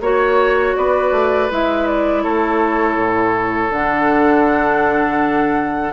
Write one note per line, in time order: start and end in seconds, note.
0.00 0.74 A#3
0.00 1.50 F#4
0.00 0.76 C#5
0.76 1.11 B3
0.76 2.23 B4
0.76 1.50 D5
1.11 1.48 A3
1.50 2.25 G#3
1.50 3.72 E4
1.50 1.87 E5
1.87 2.24 D5
2.23 2.96 A3
2.23 5.92 A4
2.23 3.72 C#5
2.96 3.70 A2
3.70 5.92 D3
3.70 5.92 D4
3.70 5.92 F#5